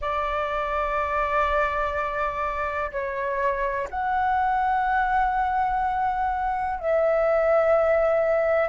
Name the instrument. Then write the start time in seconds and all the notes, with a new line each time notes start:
flute
0.00 D5
2.91 C#5
3.90 F#5
6.79 E5